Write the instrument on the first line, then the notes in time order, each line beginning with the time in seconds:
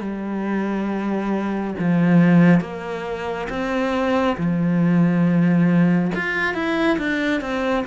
cello
0.00 G3
1.79 F3
2.60 A#3
3.49 C4
4.37 F3
6.15 F4
6.54 E4
6.98 D4
7.41 C4